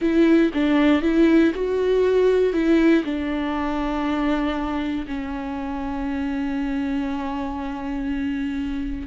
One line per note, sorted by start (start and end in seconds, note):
0.01 0.51 E4
0.53 1.02 D4
1.02 1.52 E4
1.54 2.53 F#4
2.53 3.03 E4
3.04 5.06 D4
5.07 9.07 C#4